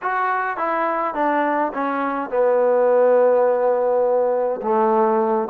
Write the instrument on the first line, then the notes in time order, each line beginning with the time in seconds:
trombone
0.02 F#4
0.57 E4
1.14 D4
1.73 C#4
2.29 B3
4.62 A3